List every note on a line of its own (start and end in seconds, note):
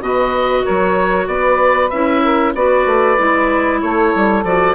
0.00 0.63 B2
0.00 1.90 F#4
0.00 0.63 B4
0.00 0.65 D#5
0.63 1.27 F#3
0.63 1.26 A#4
0.63 1.27 C#5
1.27 1.91 B3
1.27 2.22 B4
1.27 1.90 D5
1.90 2.54 C#4
1.90 2.55 E4
1.90 2.53 E5
2.22 2.54 A#4
2.54 2.86 B3
2.54 3.17 F#4
2.54 3.81 B4
2.54 3.81 D5
2.86 3.17 A3
3.17 3.82 G#3
3.17 4.43 E4
3.81 4.14 A3
3.81 4.75 A4
3.81 4.44 C#5
4.15 4.44 G3
4.44 4.75 F3
4.44 4.75 F#4
4.44 4.75 D5